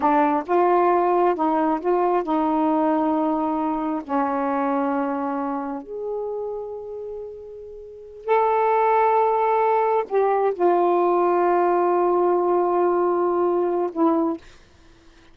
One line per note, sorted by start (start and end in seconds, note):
0.00 0.43 D4
0.46 1.35 F4
1.35 1.80 D#4
1.80 2.23 F4
2.23 4.02 D#4
4.04 5.82 C#4
5.82 8.25 G#4
8.25 10.04 A4
10.08 10.53 G4
10.54 13.90 F4
13.92 14.37 E4